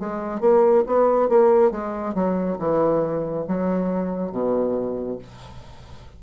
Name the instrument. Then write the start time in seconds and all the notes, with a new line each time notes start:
bassoon
0.00 G#3
0.41 A#3
0.87 B3
1.29 A#3
1.72 G#3
2.15 F#3
2.59 E3
3.48 F#3
4.32 B2